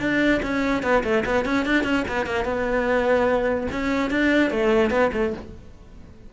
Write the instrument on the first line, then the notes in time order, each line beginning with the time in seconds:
cello
0.00 D4
0.42 C#4
0.83 B3
1.04 A3
1.25 B3
1.45 C#4
1.65 D4
1.83 C#4
2.08 B3
2.26 A#3
2.45 B3
3.71 C#4
4.10 D4
4.50 A3
4.90 B3
5.13 A3